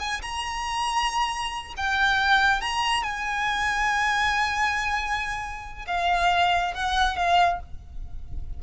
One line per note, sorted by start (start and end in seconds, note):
0.00 0.22 G#5
0.22 1.74 A#5
1.77 2.61 G5
2.61 3.03 A#5
3.03 5.86 G#5
5.87 6.74 F5
6.75 7.17 F#5
7.17 7.60 F5